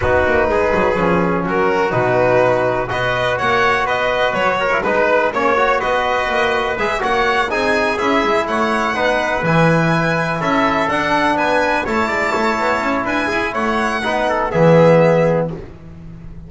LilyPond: <<
  \new Staff \with { instrumentName = "violin" } { \time 4/4 \tempo 4 = 124 b'2. ais'4 | b'2 dis''4 fis''4 | dis''4 cis''4 b'4 cis''4 | dis''2 e''8 fis''4 gis''8~ |
gis''8 e''4 fis''2 gis''8~ | gis''4. e''4 fis''4 gis''8~ | gis''8 a''2~ a''8 gis''4 | fis''2 e''2 | }
  \new Staff \with { instrumentName = "trumpet" } { \time 4/4 fis'4 gis'2 fis'4~ | fis'2 b'4 cis''4 | b'4. ais'8 b'4 cis''4 | b'2~ b'8 cis''4 gis'8~ |
gis'4. cis''4 b'4.~ | b'4. a'2 b'8~ | b'8 cis''8 d''8 cis''4. b'8 gis'8 | cis''4 b'8 a'8 gis'2 | }
  \new Staff \with { instrumentName = "trombone" } { \time 4/4 dis'2 cis'2 | dis'2 fis'2~ | fis'4.~ fis'16 e'16 dis'4 cis'8 fis'8~ | fis'2 gis'8 fis'4 dis'8~ |
dis'8 e'2 dis'4 e'8~ | e'2~ e'8 d'4.~ | d'8 e'2.~ e'8~ | e'4 dis'4 b2 | }
  \new Staff \with { instrumentName = "double bass" } { \time 4/4 b8 ais8 gis8 fis8 f4 fis4 | b,2 b4 ais4 | b4 fis4 gis4 ais4 | b4 ais4 gis8 ais4 c'8~ |
c'8 cis'8 gis8 a4 b4 e8~ | e4. cis'4 d'4 b8~ | b8 a8 gis8 a8 b8 cis'8 d'8 e'8 | a4 b4 e2 | }
>>